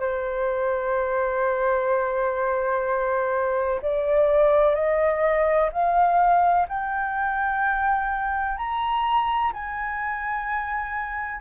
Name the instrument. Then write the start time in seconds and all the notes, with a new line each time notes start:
flute
0.00 C5
3.82 D5
4.75 D#5
5.72 F5
6.68 G5
8.58 A#5
9.53 G#5